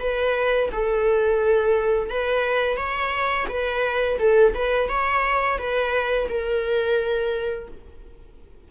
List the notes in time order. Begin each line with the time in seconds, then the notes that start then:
0.00 B4
0.72 A4
2.10 B4
2.77 C#5
3.49 B4
4.19 A4
4.55 B4
4.89 C#5
5.58 B4
6.29 A#4